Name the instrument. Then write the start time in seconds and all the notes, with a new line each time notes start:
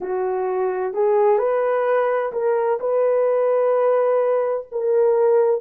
horn
0.00 F#4
0.93 G#4
1.38 B4
2.32 A#4
2.80 B4
4.71 A#4